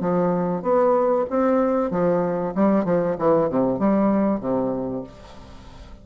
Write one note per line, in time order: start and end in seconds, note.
0.00 0.62 F3
0.62 1.25 B3
1.29 1.90 C4
1.90 2.53 F3
2.55 2.84 G3
2.84 3.16 F3
3.18 3.49 E3
3.49 3.79 C3
3.79 4.40 G3
4.40 5.03 C3